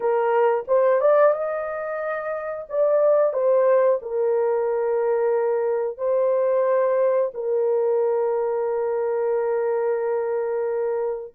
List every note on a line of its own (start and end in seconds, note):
0.00 0.64 A#4
0.67 1.01 C5
1.01 1.33 D5
1.33 2.66 D#5
2.68 3.33 D5
3.33 3.99 C5
4.02 5.97 A#4
5.97 7.31 C5
7.34 11.34 A#4